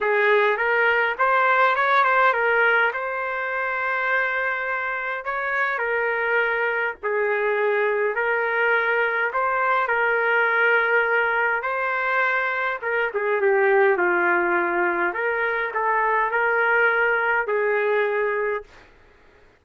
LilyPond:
\new Staff \with { instrumentName = "trumpet" } { \time 4/4 \tempo 4 = 103 gis'4 ais'4 c''4 cis''8 c''8 | ais'4 c''2.~ | c''4 cis''4 ais'2 | gis'2 ais'2 |
c''4 ais'2. | c''2 ais'8 gis'8 g'4 | f'2 ais'4 a'4 | ais'2 gis'2 | }